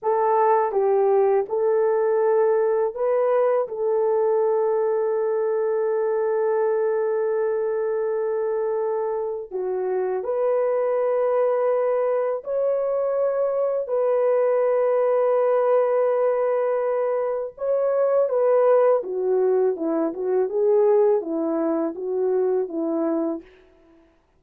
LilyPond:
\new Staff \with { instrumentName = "horn" } { \time 4/4 \tempo 4 = 82 a'4 g'4 a'2 | b'4 a'2.~ | a'1~ | a'4 fis'4 b'2~ |
b'4 cis''2 b'4~ | b'1 | cis''4 b'4 fis'4 e'8 fis'8 | gis'4 e'4 fis'4 e'4 | }